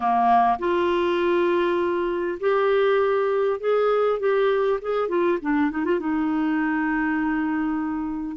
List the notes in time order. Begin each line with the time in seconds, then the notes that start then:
0.00 A#3
0.58 F4
2.40 G4
3.59 G#4
4.19 G4
4.81 G#4
5.08 F4
5.41 D4
5.71 D#4
5.84 F4
5.99 D#4